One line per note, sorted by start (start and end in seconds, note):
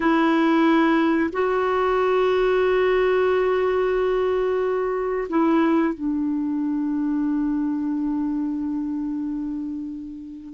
0.00 1.30 E4
1.32 5.27 F#4
5.29 5.93 E4
5.93 10.53 D4